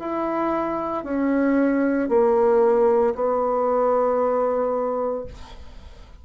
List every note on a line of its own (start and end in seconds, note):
0.00 1.04 E4
1.04 2.10 C#4
2.10 3.15 A#3
3.15 5.26 B3